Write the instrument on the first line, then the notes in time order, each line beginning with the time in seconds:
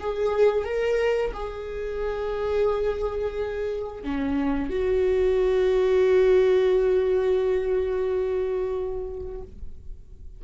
viola
0.00 G#4
0.65 A#4
1.34 G#4
4.04 C#4
4.70 F#4